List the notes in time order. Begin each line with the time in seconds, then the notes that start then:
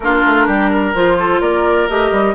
0.00 A#3 D4 F4 A#4
0.25 A3
0.46 G3 G4
0.70 A#4
0.94 F3 F4 C5
1.19 A4
1.40 A#3 A#4 D5
1.88 A3 G4 D#5
2.11 G3